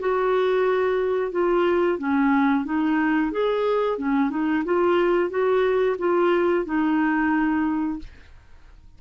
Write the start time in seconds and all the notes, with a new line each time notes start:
0.00 F#4
1.32 F4
1.99 C#4
2.65 D#4
3.32 G#4
3.98 C#4
4.31 D#4
4.65 F4
5.30 F#4
5.99 F4
6.66 D#4